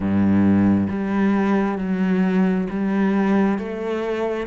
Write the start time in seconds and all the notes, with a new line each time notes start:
0.00 G2
0.89 G3
1.78 F#3
2.69 G3
3.58 A3